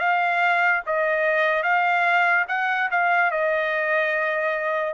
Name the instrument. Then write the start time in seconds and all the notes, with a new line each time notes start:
trumpet
0.00 F5
0.87 D#5
1.64 F5
2.49 F#5
2.91 F5
3.31 D#5